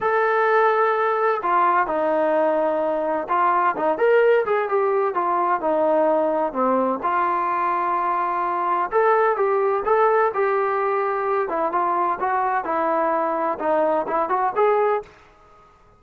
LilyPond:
\new Staff \with { instrumentName = "trombone" } { \time 4/4 \tempo 4 = 128 a'2. f'4 | dis'2. f'4 | dis'8 ais'4 gis'8 g'4 f'4 | dis'2 c'4 f'4~ |
f'2. a'4 | g'4 a'4 g'2~ | g'8 e'8 f'4 fis'4 e'4~ | e'4 dis'4 e'8 fis'8 gis'4 | }